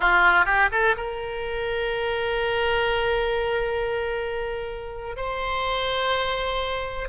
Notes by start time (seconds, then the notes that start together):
0.00 F4
0.45 G4
0.71 A4
0.96 A#4
5.16 C5